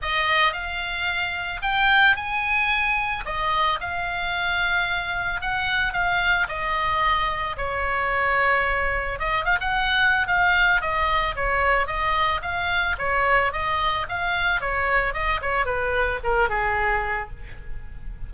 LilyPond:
\new Staff \with { instrumentName = "oboe" } { \time 4/4 \tempo 4 = 111 dis''4 f''2 g''4 | gis''2 dis''4 f''4~ | f''2 fis''4 f''4 | dis''2 cis''2~ |
cis''4 dis''8 f''16 fis''4~ fis''16 f''4 | dis''4 cis''4 dis''4 f''4 | cis''4 dis''4 f''4 cis''4 | dis''8 cis''8 b'4 ais'8 gis'4. | }